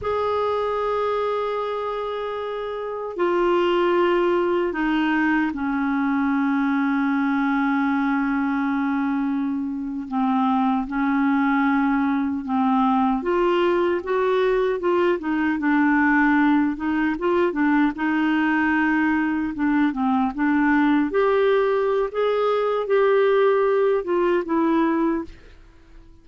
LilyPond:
\new Staff \with { instrumentName = "clarinet" } { \time 4/4 \tempo 4 = 76 gis'1 | f'2 dis'4 cis'4~ | cis'1~ | cis'8. c'4 cis'2 c'16~ |
c'8. f'4 fis'4 f'8 dis'8 d'16~ | d'4~ d'16 dis'8 f'8 d'8 dis'4~ dis'16~ | dis'8. d'8 c'8 d'4 g'4~ g'16 | gis'4 g'4. f'8 e'4 | }